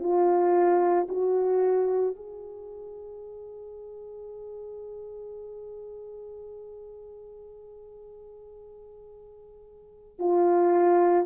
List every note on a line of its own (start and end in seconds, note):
0.00 1.07 F4
1.09 2.15 F#4
2.15 10.19 G#4
10.19 11.26 F4